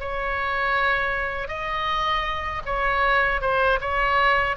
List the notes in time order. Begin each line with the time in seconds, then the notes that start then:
0.00 C#5
1.48 D#5
2.65 C#5
3.41 C5
3.81 C#5